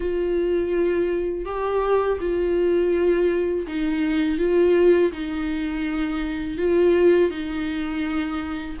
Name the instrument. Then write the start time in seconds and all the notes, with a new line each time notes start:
viola
0.00 F4
1.45 G4
2.20 F4
3.67 D#4
4.38 F4
5.12 D#4
6.57 F4
7.30 D#4